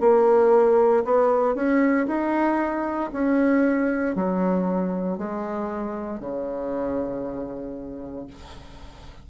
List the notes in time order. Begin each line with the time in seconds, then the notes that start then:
0.00 A#3
1.04 B3
1.55 C#4
2.07 D#4
3.12 C#4
4.15 F#3
5.17 G#3
6.20 C#3